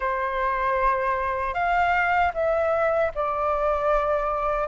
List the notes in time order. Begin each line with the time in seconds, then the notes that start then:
0.00 C5
1.54 F5
2.33 E5
3.15 D5